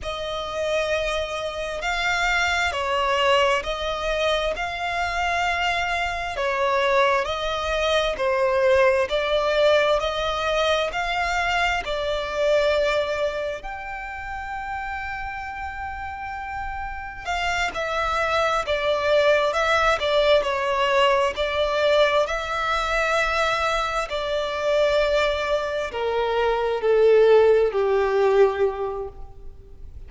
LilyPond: \new Staff \with { instrumentName = "violin" } { \time 4/4 \tempo 4 = 66 dis''2 f''4 cis''4 | dis''4 f''2 cis''4 | dis''4 c''4 d''4 dis''4 | f''4 d''2 g''4~ |
g''2. f''8 e''8~ | e''8 d''4 e''8 d''8 cis''4 d''8~ | d''8 e''2 d''4.~ | d''8 ais'4 a'4 g'4. | }